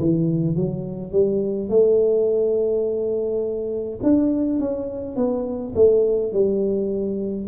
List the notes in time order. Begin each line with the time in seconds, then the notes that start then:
0.00 E3
0.56 F#3
1.12 G3
1.69 A3
4.03 D4
4.59 C#4
5.16 B3
5.75 A3
6.33 G3